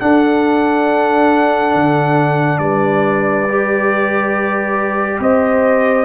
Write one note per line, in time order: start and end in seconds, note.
0.00 3.48 D4
0.00 1.74 D4
0.00 2.60 A4
0.00 2.58 F#5
1.74 2.59 D3
2.58 5.19 G3
2.58 5.20 B4
2.58 5.19 D5
3.49 6.05 G4
5.19 6.05 C4
5.19 6.05 C5
5.19 6.05 D#5